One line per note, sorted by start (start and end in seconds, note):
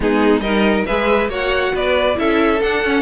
0.00 0.40 G#3
0.00 0.42 B3
0.00 0.42 D#4
0.00 0.41 G#4
0.40 0.84 G3
0.40 0.86 D#4
0.40 0.86 A#4
0.40 0.84 D#5
0.86 1.28 G#3
0.86 1.29 G#4
0.86 1.29 B4
0.86 1.29 E5
1.28 1.72 A#3
1.28 2.14 F#4
1.28 1.73 C#5
1.28 1.76 F#5
1.74 2.18 B3
1.74 2.17 B4
1.74 2.18 D5
2.14 2.61 C#4
2.14 2.58 E4
2.14 3.01 A4
2.14 2.62 E5
2.62 2.84 D4
2.62 3.01 F#5
2.84 3.01 C#4